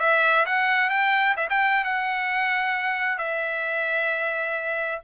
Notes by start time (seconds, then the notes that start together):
0.00 E5
0.46 F#5
0.90 G5
1.37 E5
1.50 G5
1.85 F#5
3.18 E5